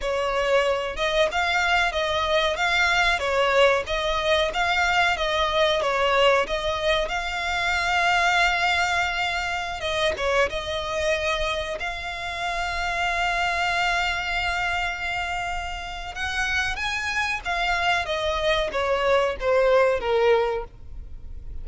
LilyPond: \new Staff \with { instrumentName = "violin" } { \time 4/4 \tempo 4 = 93 cis''4. dis''8 f''4 dis''4 | f''4 cis''4 dis''4 f''4 | dis''4 cis''4 dis''4 f''4~ | f''2.~ f''16 dis''8 cis''16~ |
cis''16 dis''2 f''4.~ f''16~ | f''1~ | f''4 fis''4 gis''4 f''4 | dis''4 cis''4 c''4 ais'4 | }